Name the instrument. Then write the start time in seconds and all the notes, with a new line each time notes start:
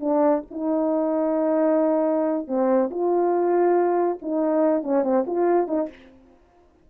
horn
0.00 D4
0.51 D#4
2.47 C4
2.91 F4
4.22 D#4
4.83 C#4
5.03 C4
5.27 F4
5.68 D#4